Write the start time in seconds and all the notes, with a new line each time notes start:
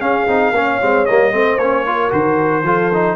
0.00 C#4 G#4 F5
0.27 C4 D#4
0.51 A#3 C#4 C#5
0.81 G#3 C4
1.05 G3 A#3 D#5
1.31 A3 C4 C5
1.56 A#3 C#4 C#5
1.86 F4 A#4
2.10 D#3 F#4 C5
2.62 F3 F4 A4
2.94 D#4